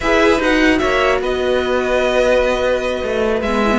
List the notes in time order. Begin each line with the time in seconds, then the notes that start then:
0.00 E4 G#4 B4 E5
0.39 D#4 F#4 F#5
0.78 A#3 C#5 E5
1.20 B3 B4 D#5
3.03 A3
3.41 G#3 B3 E5
3.64 E4
3.71 B3